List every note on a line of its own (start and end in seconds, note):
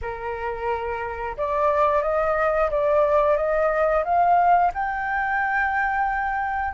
0.01 1.36 A#4
1.37 2.02 D5
2.02 2.70 D#5
2.70 3.36 D5
3.36 4.04 D#5
4.04 4.72 F5
4.74 6.74 G5